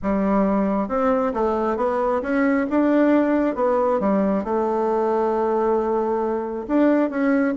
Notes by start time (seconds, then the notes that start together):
0.02 G3
0.88 C4
1.33 A3
1.77 B3
2.22 C#4
2.70 D4
3.55 B3
4.00 G3
4.44 A3
6.67 D4
7.09 C#4